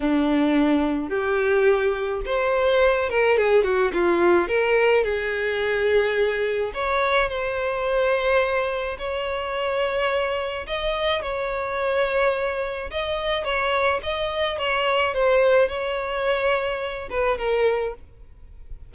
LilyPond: \new Staff \with { instrumentName = "violin" } { \time 4/4 \tempo 4 = 107 d'2 g'2 | c''4. ais'8 gis'8 fis'8 f'4 | ais'4 gis'2. | cis''4 c''2. |
cis''2. dis''4 | cis''2. dis''4 | cis''4 dis''4 cis''4 c''4 | cis''2~ cis''8 b'8 ais'4 | }